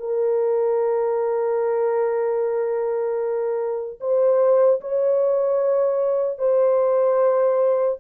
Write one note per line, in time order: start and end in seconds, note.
0.00 4.00 A#4
4.01 4.81 C5
4.81 6.39 C#5
6.39 7.99 C5